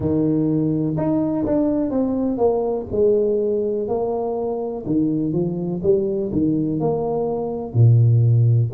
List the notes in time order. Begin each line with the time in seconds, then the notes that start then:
0.00 D#3
0.97 D#4
1.46 D4
1.90 C4
2.37 A#3
2.91 G#3
3.88 A#3
4.86 D#3
5.32 F3
5.82 G3
6.32 D#3
6.80 A#3
7.73 A#2